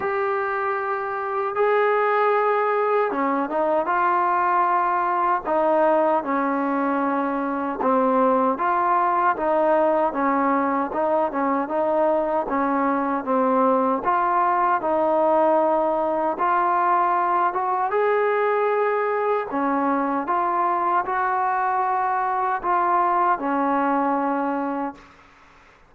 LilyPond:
\new Staff \with { instrumentName = "trombone" } { \time 4/4 \tempo 4 = 77 g'2 gis'2 | cis'8 dis'8 f'2 dis'4 | cis'2 c'4 f'4 | dis'4 cis'4 dis'8 cis'8 dis'4 |
cis'4 c'4 f'4 dis'4~ | dis'4 f'4. fis'8 gis'4~ | gis'4 cis'4 f'4 fis'4~ | fis'4 f'4 cis'2 | }